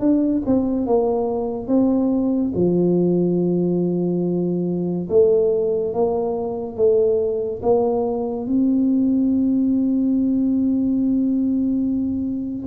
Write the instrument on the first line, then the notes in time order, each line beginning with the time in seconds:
tuba
0.00 D4
0.46 C4
0.86 A#3
1.68 C4
2.55 F3
5.09 A3
5.93 A#3
6.76 A3
7.62 A#3
8.46 C4